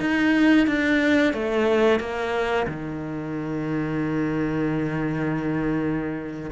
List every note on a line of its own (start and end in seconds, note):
0.00 0.67 D#4
0.67 1.33 D4
1.33 2.00 A3
2.00 2.66 A#3
2.67 6.50 D#3